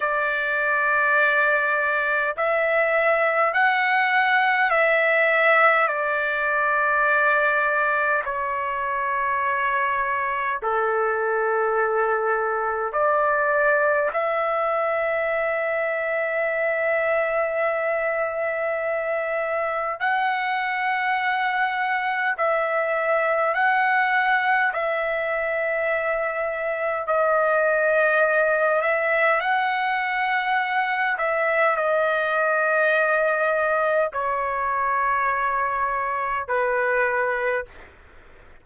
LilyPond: \new Staff \with { instrumentName = "trumpet" } { \time 4/4 \tempo 4 = 51 d''2 e''4 fis''4 | e''4 d''2 cis''4~ | cis''4 a'2 d''4 | e''1~ |
e''4 fis''2 e''4 | fis''4 e''2 dis''4~ | dis''8 e''8 fis''4. e''8 dis''4~ | dis''4 cis''2 b'4 | }